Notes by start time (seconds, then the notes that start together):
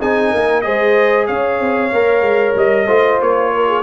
0.00 C4 D#4 G#4 G#5
0.31 A#3 A#4
0.62 G#3 G#4 C5 D#5
1.27 C#4 C#5 F5
1.60 C4
1.93 A#3 A#4
2.22 G#3
2.56 G3 D#5
2.87 A3 F4 C5
3.22 A#3 C#5
3.55 A#4
3.68 G#4